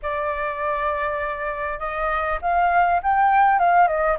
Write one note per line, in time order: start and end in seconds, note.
0.02 1.79 D5
1.79 2.39 D#5
2.41 3.01 F5
3.02 3.59 G5
3.59 3.87 F5
3.87 4.17 D#5